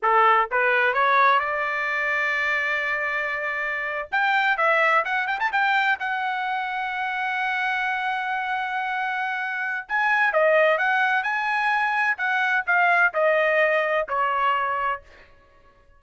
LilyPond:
\new Staff \with { instrumentName = "trumpet" } { \time 4/4 \tempo 4 = 128 a'4 b'4 cis''4 d''4~ | d''1~ | d''8. g''4 e''4 fis''8 g''16 a''16 g''16~ | g''8. fis''2.~ fis''16~ |
fis''1~ | fis''4 gis''4 dis''4 fis''4 | gis''2 fis''4 f''4 | dis''2 cis''2 | }